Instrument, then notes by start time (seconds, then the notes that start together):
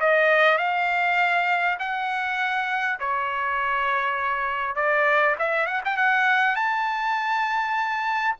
trumpet
0.00 D#5
0.58 F5
1.79 F#5
3.00 C#5
4.76 D5
5.39 E5
5.66 F#5
5.85 G5
5.97 F#5
6.56 A5